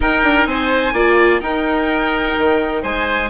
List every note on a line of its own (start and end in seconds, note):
0.00 0.94 D#4
0.00 0.23 D#4
0.00 0.48 A#4
0.00 0.47 G5
0.23 0.46 D4
0.46 0.93 C4
0.46 0.93 C5
0.46 1.40 G#5
0.93 1.40 A#3
0.93 1.40 F4
0.93 1.40 D5
1.40 3.29 D#4
1.40 2.36 D#4
1.40 2.82 A#4
1.40 2.82 G5
2.37 2.83 D#3
2.82 3.30 G#3
2.82 3.29 C5
2.82 3.30 G#5